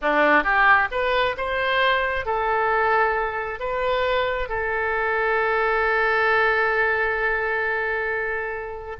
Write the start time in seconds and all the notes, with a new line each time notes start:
0.01 D4
0.43 G4
0.91 B4
1.37 C5
2.25 A4
3.59 B4
4.48 A4